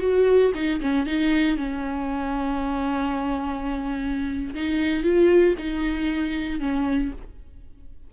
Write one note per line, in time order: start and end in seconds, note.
0.00 0.52 F#4
0.54 0.80 D#4
0.80 1.06 C#4
1.06 1.57 D#4
1.57 4.54 C#4
4.54 5.03 D#4
5.03 5.55 F4
5.58 6.60 D#4
6.60 7.11 C#4